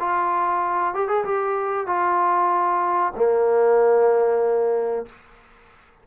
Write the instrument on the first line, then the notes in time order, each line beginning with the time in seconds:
trombone
0.00 F4
0.94 G4
1.09 G#4
1.25 G4
1.87 F4
3.16 A#3